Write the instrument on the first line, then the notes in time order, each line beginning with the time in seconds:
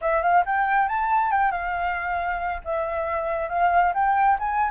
flute
0.01 E5
0.22 F5
0.45 G5
0.88 A5
1.31 G5
1.51 F5
2.64 E5
3.49 F5
3.94 G5
4.39 G#5